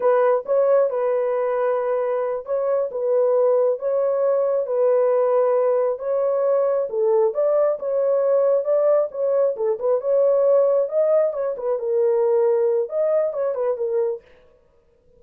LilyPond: \new Staff \with { instrumentName = "horn" } { \time 4/4 \tempo 4 = 135 b'4 cis''4 b'2~ | b'4. cis''4 b'4.~ | b'8 cis''2 b'4.~ | b'4. cis''2 a'8~ |
a'8 d''4 cis''2 d''8~ | d''8 cis''4 a'8 b'8 cis''4.~ | cis''8 dis''4 cis''8 b'8 ais'4.~ | ais'4 dis''4 cis''8 b'8 ais'4 | }